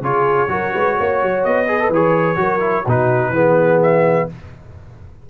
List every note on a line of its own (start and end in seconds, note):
0.00 0.47 C#3
0.00 0.48 F4
0.00 0.50 G#4
0.00 1.44 C#5
0.48 0.71 F#3
0.48 1.66 F#4
0.48 0.72 A#4
0.72 0.99 G#3
0.72 0.96 B4
0.97 1.22 A#3
0.97 1.67 C#5
1.22 1.44 F#3
1.44 1.89 B3
1.44 1.91 D#5
1.67 1.79 G#4
1.67 2.38 B4
1.79 1.91 A4
1.89 2.36 E3
1.89 2.36 G#4
1.89 2.88 C#5
2.36 2.84 F#3
2.36 2.59 F#4
2.36 2.84 A#4
2.60 2.83 E4
2.84 3.30 B2
2.84 3.34 D#4
2.84 3.31 F#4
2.84 3.82 B4
3.30 4.24 E3
3.30 4.29 B3
3.30 4.28 G#4
3.82 4.29 E5